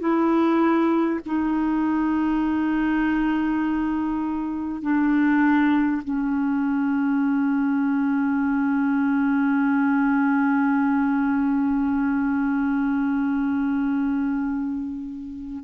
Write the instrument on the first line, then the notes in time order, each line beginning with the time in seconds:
clarinet
0.00 E4
1.26 D#4
4.82 D4
6.04 C#4